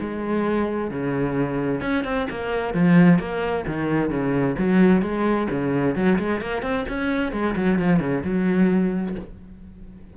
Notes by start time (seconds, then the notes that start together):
0.00 G#3
0.90 C#3
1.81 C#4
2.04 C4
2.30 A#3
2.74 F3
3.19 A#3
3.67 D#3
4.10 C#3
4.58 F#3
5.02 G#3
5.50 C#3
5.95 F#3
6.18 G#3
6.41 A#3
6.62 C4
6.88 C#4
7.32 G#3
7.56 F#3
7.78 F3
8.00 C#3
8.23 F#3